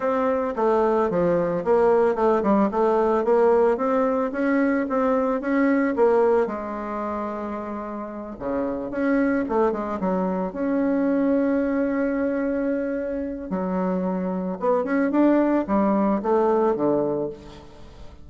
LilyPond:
\new Staff \with { instrumentName = "bassoon" } { \time 4/4 \tempo 4 = 111 c'4 a4 f4 ais4 | a8 g8 a4 ais4 c'4 | cis'4 c'4 cis'4 ais4 | gis2.~ gis8 cis8~ |
cis8 cis'4 a8 gis8 fis4 cis'8~ | cis'1~ | cis'4 fis2 b8 cis'8 | d'4 g4 a4 d4 | }